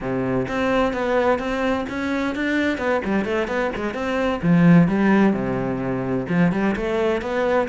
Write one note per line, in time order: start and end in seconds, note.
0.00 0.47 C3
0.48 0.93 C4
0.93 1.38 B3
1.38 1.85 C4
1.89 2.35 C#4
2.35 2.78 D4
2.78 3.01 B3
3.04 3.24 G3
3.24 3.47 A3
3.47 3.70 B3
3.75 3.93 G#3
3.93 4.40 C4
4.42 4.88 F3
4.88 5.33 G3
5.33 6.26 C3
6.29 6.51 F3
6.51 6.75 G3
6.76 7.21 A3
7.21 7.68 B3